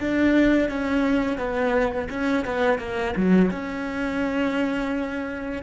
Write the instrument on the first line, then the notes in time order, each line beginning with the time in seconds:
cello
0.00 D4
0.69 C#4
1.37 B3
2.10 C#4
2.45 B3
2.79 A#3
3.16 F#3
3.51 C#4